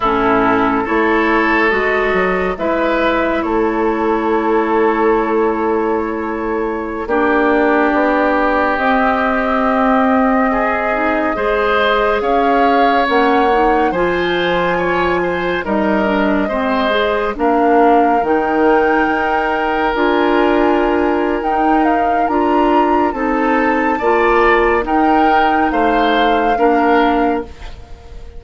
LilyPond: <<
  \new Staff \with { instrumentName = "flute" } { \time 4/4 \tempo 4 = 70 a'4 cis''4 dis''4 e''4 | cis''1~ | cis''16 d''2 dis''4.~ dis''16~ | dis''2~ dis''16 f''4 fis''8.~ |
fis''16 gis''2 dis''4.~ dis''16~ | dis''16 f''4 g''2 gis''8.~ | gis''4 g''8 f''8 ais''4 a''4~ | a''4 g''4 f''2 | }
  \new Staff \with { instrumentName = "oboe" } { \time 4/4 e'4 a'2 b'4 | a'1~ | a'16 g'2.~ g'8.~ | g'16 gis'4 c''4 cis''4.~ cis''16~ |
cis''16 c''4 cis''8 c''8 ais'4 c''8.~ | c''16 ais'2.~ ais'8.~ | ais'2. a'4 | d''4 ais'4 c''4 ais'4 | }
  \new Staff \with { instrumentName = "clarinet" } { \time 4/4 cis'4 e'4 fis'4 e'4~ | e'1~ | e'16 d'2 c'4.~ c'16~ | c'8. dis'8 gis'2 cis'8 dis'16~ |
dis'16 f'2 dis'8 d'8 c'8 gis'16~ | gis'16 d'4 dis'2 f'8.~ | f'4 dis'4 f'4 dis'4 | f'4 dis'2 d'4 | }
  \new Staff \with { instrumentName = "bassoon" } { \time 4/4 a,4 a4 gis8 fis8 gis4 | a1~ | a16 ais4 b4 c'4.~ c'16~ | c'4~ c'16 gis4 cis'4 ais8.~ |
ais16 f2 g4 gis8.~ | gis16 ais4 dis4 dis'4 d'8.~ | d'4 dis'4 d'4 c'4 | ais4 dis'4 a4 ais4 | }
>>